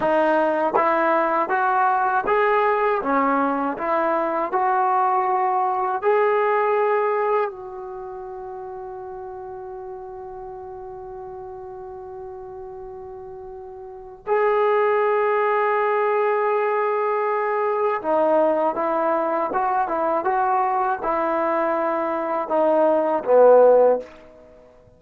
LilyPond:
\new Staff \with { instrumentName = "trombone" } { \time 4/4 \tempo 4 = 80 dis'4 e'4 fis'4 gis'4 | cis'4 e'4 fis'2 | gis'2 fis'2~ | fis'1~ |
fis'2. gis'4~ | gis'1 | dis'4 e'4 fis'8 e'8 fis'4 | e'2 dis'4 b4 | }